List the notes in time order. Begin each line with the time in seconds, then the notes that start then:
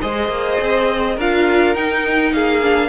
0.00 G#3 G#4 C5 D#5
0.28 A#3
0.60 C4
1.16 D4 F4 A#4 F5
1.75 D#4 G5
2.33 A#3 G#4 F5
2.61 D4